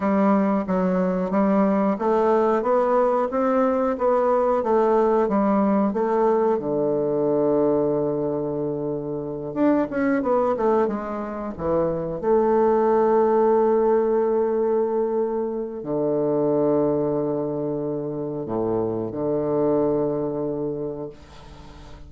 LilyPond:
\new Staff \with { instrumentName = "bassoon" } { \time 4/4 \tempo 4 = 91 g4 fis4 g4 a4 | b4 c'4 b4 a4 | g4 a4 d2~ | d2~ d8 d'8 cis'8 b8 |
a8 gis4 e4 a4.~ | a1 | d1 | a,4 d2. | }